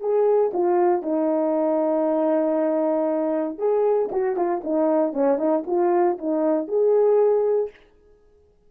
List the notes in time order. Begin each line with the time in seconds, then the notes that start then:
0.00 G#4
0.54 F4
1.02 D#4
3.58 G#4
4.12 F#4
4.36 F4
4.64 D#4
5.13 C#4
5.38 D#4
5.67 F4
6.18 D#4
6.68 G#4